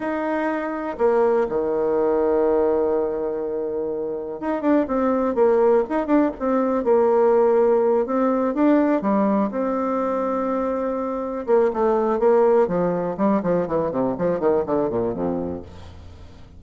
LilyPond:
\new Staff \with { instrumentName = "bassoon" } { \time 4/4 \tempo 4 = 123 dis'2 ais4 dis4~ | dis1~ | dis4 dis'8 d'8 c'4 ais4 | dis'8 d'8 c'4 ais2~ |
ais8 c'4 d'4 g4 c'8~ | c'2.~ c'8 ais8 | a4 ais4 f4 g8 f8 | e8 c8 f8 dis8 d8 ais,8 f,4 | }